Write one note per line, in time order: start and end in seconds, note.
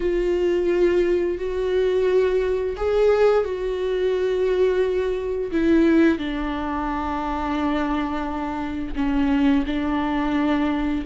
0.00 1.38 F4
1.38 2.76 F#4
2.76 3.44 G#4
3.44 5.51 F#4
5.51 6.18 E4
6.18 8.94 D4
8.95 9.64 C#4
9.66 11.04 D4